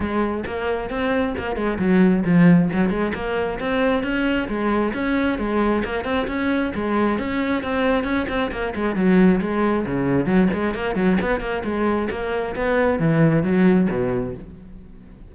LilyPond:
\new Staff \with { instrumentName = "cello" } { \time 4/4 \tempo 4 = 134 gis4 ais4 c'4 ais8 gis8 | fis4 f4 fis8 gis8 ais4 | c'4 cis'4 gis4 cis'4 | gis4 ais8 c'8 cis'4 gis4 |
cis'4 c'4 cis'8 c'8 ais8 gis8 | fis4 gis4 cis4 fis8 gis8 | ais8 fis8 b8 ais8 gis4 ais4 | b4 e4 fis4 b,4 | }